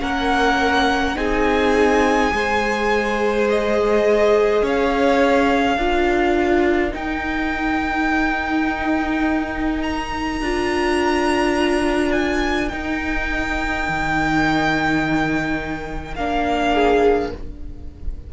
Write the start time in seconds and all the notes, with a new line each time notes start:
0.00 A#3 C#4 A#4 F#5
1.16 C4 D#4 G#4 G#5
2.31 G#3 G#4 C5
3.50 D#5
4.62 C#4 C#5 F5
5.77 D4 F4 A#4
6.92 D#4 G5
9.83 A#5
10.41 D4 F4
12.12 G#5
12.69 D#4 G5
13.89 D#3
16.16 A#3 D4 F5
16.74 G#4